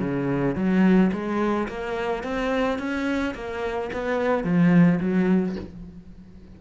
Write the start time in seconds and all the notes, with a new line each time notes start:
0.00 C#3
0.56 F#3
1.12 G#3
1.68 A#3
2.23 C4
2.79 C#4
3.35 A#3
3.93 B3
4.44 F3
5.00 F#3